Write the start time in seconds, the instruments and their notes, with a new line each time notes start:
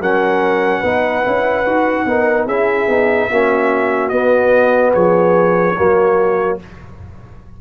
0.00 tuba F#3, trombone C#4, horn A#4, trumpet F#5
0.79 tuba B3, trombone D#4, horn B4
1.23 tuba C#4, trombone E4
1.65 tuba D#4, trombone F#4
2.05 tuba B3, trombone D#4, horn A#4
2.46 tuba C#4, trombone E4, horn G#4, trumpet E5
2.88 tuba B3, trombone D#4
3.30 tuba A#3, trombone C#4, horn F#4
4.09 trombone B3, tuba B3, trumpet D#5
4.93 tuba F3, horn G#4, trumpet C#5
5.76 tuba F#3, trombone A#3, horn F#4